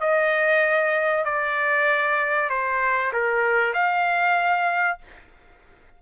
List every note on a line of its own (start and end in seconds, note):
0.00 1.24 D#5
1.24 2.49 D5
2.49 3.12 C5
3.12 3.73 A#4
3.73 4.98 F5